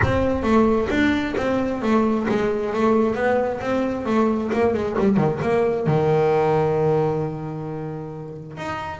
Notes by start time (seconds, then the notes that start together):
0.03 C4
0.43 A3
0.89 D4
1.37 C4
1.81 A3
2.28 G#3
2.73 A3
3.15 B3
3.60 C4
4.05 A3
4.52 A#3
4.73 G#3
4.98 G3
5.16 D#3
5.42 A#3
5.86 D#3
8.57 D#4